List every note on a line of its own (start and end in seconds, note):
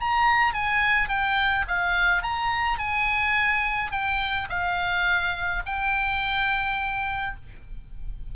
0.00 0.54 A#5
0.54 1.09 G#5
1.09 1.65 G5
1.67 2.22 F5
2.22 2.78 A#5
2.78 3.91 G#5
3.91 4.48 G5
4.49 5.63 F5
5.66 7.35 G5